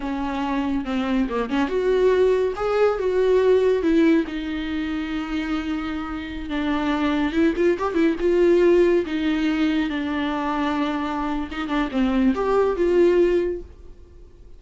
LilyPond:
\new Staff \with { instrumentName = "viola" } { \time 4/4 \tempo 4 = 141 cis'2 c'4 ais8 cis'8 | fis'2 gis'4 fis'4~ | fis'4 e'4 dis'2~ | dis'2.~ dis'16 d'8.~ |
d'4~ d'16 e'8 f'8 g'8 e'8 f'8.~ | f'4~ f'16 dis'2 d'8.~ | d'2. dis'8 d'8 | c'4 g'4 f'2 | }